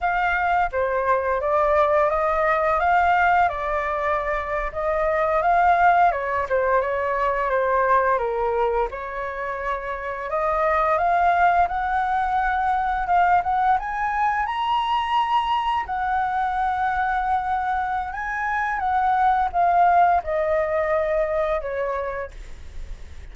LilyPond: \new Staff \with { instrumentName = "flute" } { \time 4/4 \tempo 4 = 86 f''4 c''4 d''4 dis''4 | f''4 d''4.~ d''16 dis''4 f''16~ | f''8. cis''8 c''8 cis''4 c''4 ais'16~ | ais'8. cis''2 dis''4 f''16~ |
f''8. fis''2 f''8 fis''8 gis''16~ | gis''8. ais''2 fis''4~ fis''16~ | fis''2 gis''4 fis''4 | f''4 dis''2 cis''4 | }